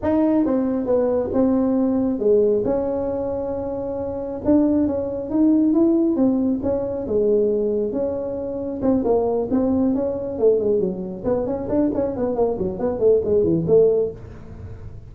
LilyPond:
\new Staff \with { instrumentName = "tuba" } { \time 4/4 \tempo 4 = 136 dis'4 c'4 b4 c'4~ | c'4 gis4 cis'2~ | cis'2 d'4 cis'4 | dis'4 e'4 c'4 cis'4 |
gis2 cis'2 | c'8 ais4 c'4 cis'4 a8 | gis8 fis4 b8 cis'8 d'8 cis'8 b8 | ais8 fis8 b8 a8 gis8 e8 a4 | }